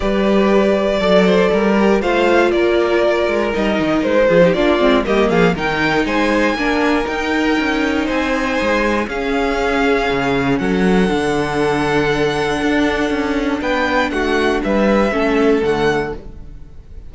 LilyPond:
<<
  \new Staff \with { instrumentName = "violin" } { \time 4/4 \tempo 4 = 119 d''1 | f''4 d''2 dis''4 | c''4 d''4 dis''8 f''8 g''4 | gis''2 g''2 |
gis''2 f''2~ | f''4 fis''2.~ | fis''2. g''4 | fis''4 e''2 fis''4 | }
  \new Staff \with { instrumentName = "violin" } { \time 4/4 b'2 d''8 c''8 ais'4 | c''4 ais'2.~ | ais'8 gis'16 g'16 f'4 g'8 gis'8 ais'4 | c''4 ais'2. |
c''2 gis'2~ | gis'4 a'2.~ | a'2. b'4 | fis'4 b'4 a'2 | }
  \new Staff \with { instrumentName = "viola" } { \time 4/4 g'2 a'4. g'8 | f'2. dis'4~ | dis'8 f'16 dis'16 d'8 c'8 ais4 dis'4~ | dis'4 d'4 dis'2~ |
dis'2 cis'2~ | cis'2 d'2~ | d'1~ | d'2 cis'4 a4 | }
  \new Staff \with { instrumentName = "cello" } { \time 4/4 g2 fis4 g4 | a4 ais4. gis8 g8 dis8 | gis8 f8 ais8 gis8 g8 f8 dis4 | gis4 ais4 dis'4 cis'4 |
c'4 gis4 cis'2 | cis4 fis4 d2~ | d4 d'4 cis'4 b4 | a4 g4 a4 d4 | }
>>